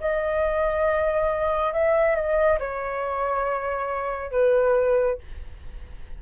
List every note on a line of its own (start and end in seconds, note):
0.00 1.73 D#5
1.73 2.15 E5
2.15 2.58 D#5
2.59 4.31 C#5
4.31 5.18 B4